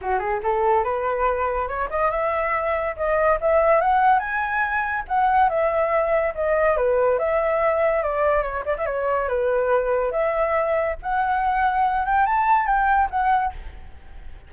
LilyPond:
\new Staff \with { instrumentName = "flute" } { \time 4/4 \tempo 4 = 142 fis'8 gis'8 a'4 b'2 | cis''8 dis''8 e''2 dis''4 | e''4 fis''4 gis''2 | fis''4 e''2 dis''4 |
b'4 e''2 d''4 | cis''8 d''16 e''16 cis''4 b'2 | e''2 fis''2~ | fis''8 g''8 a''4 g''4 fis''4 | }